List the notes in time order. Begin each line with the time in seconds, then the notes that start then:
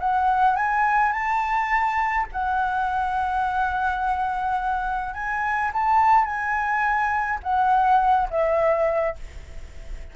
0.00 F#5
0.57 G#5
1.12 A5
2.32 F#5
5.14 G#5
5.73 A5
6.25 G#5
7.43 F#5
8.30 E5